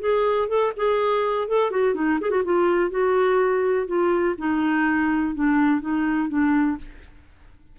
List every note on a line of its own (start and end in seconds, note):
0.00 0.48 G#4
0.48 0.72 A4
0.76 1.48 G#4
1.48 1.71 A4
1.71 1.94 F#4
1.94 2.19 D#4
2.21 2.30 G#4
2.30 2.43 F#4
2.44 2.91 F4
2.91 3.87 F#4
3.87 4.35 F4
4.38 5.35 D#4
5.35 5.81 D4
5.81 6.29 D#4
6.29 6.77 D4